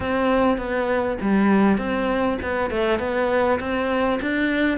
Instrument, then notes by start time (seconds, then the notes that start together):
cello
0.00 C4
0.57 B3
1.21 G3
1.78 C4
2.42 B3
2.70 A3
2.99 B3
3.59 C4
4.21 D4